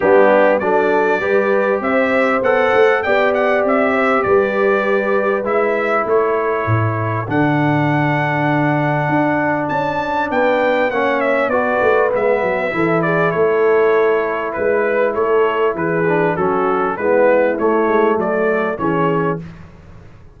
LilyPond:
<<
  \new Staff \with { instrumentName = "trumpet" } { \time 4/4 \tempo 4 = 99 g'4 d''2 e''4 | fis''4 g''8 fis''8 e''4 d''4~ | d''4 e''4 cis''2 | fis''1 |
a''4 g''4 fis''8 e''8 d''4 | e''4. d''8 cis''2 | b'4 cis''4 b'4 a'4 | b'4 cis''4 d''4 cis''4 | }
  \new Staff \with { instrumentName = "horn" } { \time 4/4 d'4 a'4 b'4 c''4~ | c''4 d''4. c''8 b'4~ | b'2 a'2~ | a'1~ |
a'4 b'4 cis''4 b'4~ | b'4 a'8 gis'8 a'2 | b'4 a'4 gis'4 fis'4 | e'2 a'4 gis'4 | }
  \new Staff \with { instrumentName = "trombone" } { \time 4/4 b4 d'4 g'2 | a'4 g'2.~ | g'4 e'2. | d'1~ |
d'2 cis'4 fis'4 | b4 e'2.~ | e'2~ e'8 d'8 cis'4 | b4 a2 cis'4 | }
  \new Staff \with { instrumentName = "tuba" } { \time 4/4 g4 fis4 g4 c'4 | b8 a8 b4 c'4 g4~ | g4 gis4 a4 a,4 | d2. d'4 |
cis'4 b4 ais4 b8 a8 | gis8 fis8 e4 a2 | gis4 a4 e4 fis4 | gis4 a8 gis8 fis4 e4 | }
>>